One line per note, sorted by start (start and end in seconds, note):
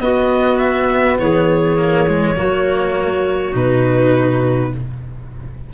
0.00 1.18 B3
0.00 1.77 B3
0.00 1.20 F#4
0.00 0.58 D#5
0.58 1.17 E5
1.18 2.37 E3
1.18 2.37 G#4
1.18 3.54 C#5
1.77 2.06 A#3
2.07 2.35 G#3
2.35 3.54 F#3
2.35 3.51 A#3
2.35 4.72 F#4
3.51 4.72 B2
3.51 4.69 D#4
3.51 4.73 B4